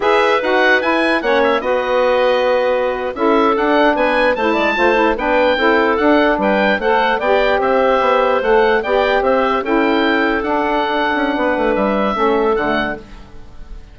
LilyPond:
<<
  \new Staff \with { instrumentName = "oboe" } { \time 4/4 \tempo 4 = 148 e''4 fis''4 gis''4 fis''8 e''8 | dis''2.~ dis''8. e''16~ | e''8. fis''4 gis''4 a''4~ a''16~ | a''8. g''2 fis''4 g''16~ |
g''8. fis''4 g''4 e''4~ e''16~ | e''8. fis''4 g''4 e''4 g''16~ | g''4.~ g''16 fis''2~ fis''16~ | fis''4 e''2 fis''4 | }
  \new Staff \with { instrumentName = "clarinet" } { \time 4/4 b'2. cis''4 | b'2.~ b'8. a'16~ | a'4.~ a'16 b'4 c''8 d''8 c''16~ | c''8. b'4 a'2 b'16~ |
b'8. c''4 d''4 c''4~ c''16~ | c''4.~ c''16 d''4 c''4 a'16~ | a'1 | b'2 a'2 | }
  \new Staff \with { instrumentName = "saxophone" } { \time 4/4 gis'4 fis'4 e'4 cis'4 | fis'2.~ fis'8. e'16~ | e'8. d'2 e'4 f'16~ | f'16 e'8 d'4 e'4 d'4~ d'16~ |
d'8. a'4 g'2~ g'16~ | g'8. a'4 g'2 e'16~ | e'4.~ e'16 d'2~ d'16~ | d'2 cis'4 a4 | }
  \new Staff \with { instrumentName = "bassoon" } { \time 4/4 e'4 dis'4 e'4 ais4 | b2.~ b8. cis'16~ | cis'8. d'4 b4 a8 gis8 a16~ | a8. b4 c'4 d'4 g16~ |
g8. a4 b4 c'4 b16~ | b8. a4 b4 c'4 cis'16~ | cis'4.~ cis'16 d'4.~ d'16 cis'8 | b8 a8 g4 a4 d4 | }
>>